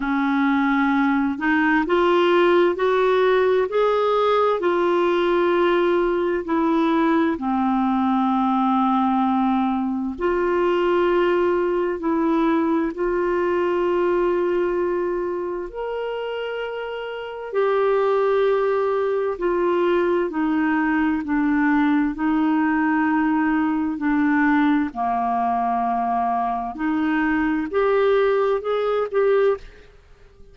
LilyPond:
\new Staff \with { instrumentName = "clarinet" } { \time 4/4 \tempo 4 = 65 cis'4. dis'8 f'4 fis'4 | gis'4 f'2 e'4 | c'2. f'4~ | f'4 e'4 f'2~ |
f'4 ais'2 g'4~ | g'4 f'4 dis'4 d'4 | dis'2 d'4 ais4~ | ais4 dis'4 g'4 gis'8 g'8 | }